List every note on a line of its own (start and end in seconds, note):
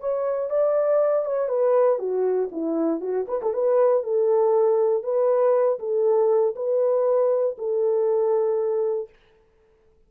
0.00 0.50 C#5
0.50 1.25 D5
1.25 1.48 C#5
1.48 1.98 B4
1.98 2.49 F#4
2.51 3.00 E4
3.00 3.26 F#4
3.28 3.40 B4
3.42 3.53 A4
3.53 4.03 B4
4.03 5.03 A4
5.03 5.78 B4
5.79 6.54 A4
6.55 7.56 B4
7.58 9.09 A4